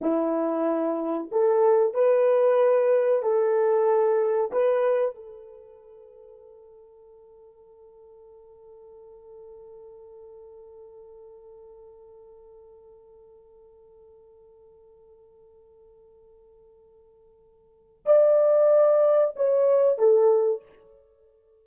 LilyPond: \new Staff \with { instrumentName = "horn" } { \time 4/4 \tempo 4 = 93 e'2 a'4 b'4~ | b'4 a'2 b'4 | a'1~ | a'1~ |
a'1~ | a'1~ | a'1 | d''2 cis''4 a'4 | }